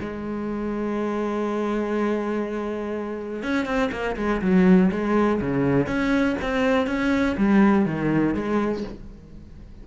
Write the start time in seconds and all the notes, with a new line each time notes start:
0.00 G#3
3.42 C#4
3.65 C4
3.91 A#3
4.16 G#3
4.42 F#3
4.91 G#3
5.41 C#3
5.86 C#4
6.41 C4
6.87 C#4
7.37 G3
7.86 D#3
8.34 G#3